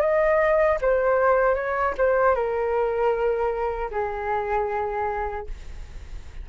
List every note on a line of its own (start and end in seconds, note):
0.00 0.78 D#5
0.81 1.54 C5
1.54 1.93 C#5
1.97 2.34 C5
2.34 3.90 A#4
3.91 5.47 G#4